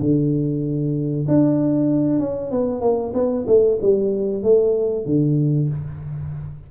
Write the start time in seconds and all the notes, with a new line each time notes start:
0.00 D3
1.28 D4
2.20 C#4
2.51 B3
2.81 A#3
3.14 B3
3.47 A3
3.82 G3
4.43 A3
5.06 D3